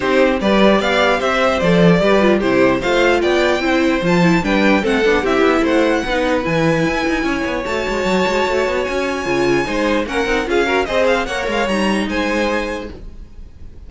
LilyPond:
<<
  \new Staff \with { instrumentName = "violin" } { \time 4/4 \tempo 4 = 149 c''4 d''4 f''4 e''4 | d''2 c''4 f''4 | g''2 a''4 g''4 | fis''4 e''4 fis''2 |
gis''2. a''4~ | a''2 gis''2~ | gis''4 fis''4 f''4 dis''8 f''8 | fis''8 f''8 ais''4 gis''2 | }
  \new Staff \with { instrumentName = "violin" } { \time 4/4 g'4 b'4 d''4 c''4~ | c''4 b'4 g'4 c''4 | d''4 c''2 b'4 | a'4 g'4 c''4 b'4~ |
b'2 cis''2~ | cis''1 | c''4 ais'4 gis'8 ais'8 c''4 | cis''2 c''2 | }
  \new Staff \with { instrumentName = "viola" } { \time 4/4 dis'4 g'2. | a'4 g'8 f'8 e'4 f'4~ | f'4 e'4 f'8 e'8 d'4 | c'8 d'8 e'2 dis'4 |
e'2. fis'4~ | fis'2. f'4 | dis'4 cis'8 dis'8 f'8 fis'8 gis'4 | ais'4 dis'2. | }
  \new Staff \with { instrumentName = "cello" } { \time 4/4 c'4 g4 b4 c'4 | f4 g4 c4 a4 | b4 c'4 f4 g4 | a8 b8 c'8 b8 a4 b4 |
e4 e'8 dis'8 cis'8 b8 a8 gis8 | fis8 gis8 a8 b8 cis'4 cis4 | gis4 ais8 c'8 cis'4 c'4 | ais8 gis8 g4 gis2 | }
>>